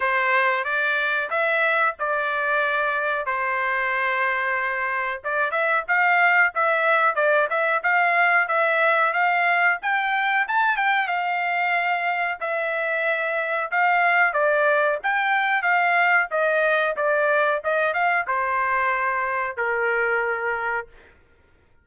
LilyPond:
\new Staff \with { instrumentName = "trumpet" } { \time 4/4 \tempo 4 = 92 c''4 d''4 e''4 d''4~ | d''4 c''2. | d''8 e''8 f''4 e''4 d''8 e''8 | f''4 e''4 f''4 g''4 |
a''8 g''8 f''2 e''4~ | e''4 f''4 d''4 g''4 | f''4 dis''4 d''4 dis''8 f''8 | c''2 ais'2 | }